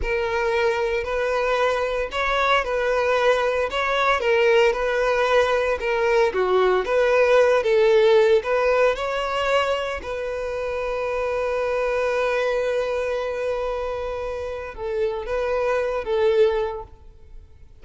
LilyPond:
\new Staff \with { instrumentName = "violin" } { \time 4/4 \tempo 4 = 114 ais'2 b'2 | cis''4 b'2 cis''4 | ais'4 b'2 ais'4 | fis'4 b'4. a'4. |
b'4 cis''2 b'4~ | b'1~ | b'1 | a'4 b'4. a'4. | }